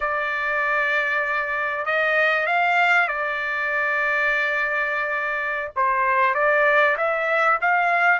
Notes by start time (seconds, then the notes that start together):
0.00 D5
1.85 D#5
2.46 F5
3.08 D5
5.76 C5
6.34 D5
6.97 E5
7.61 F5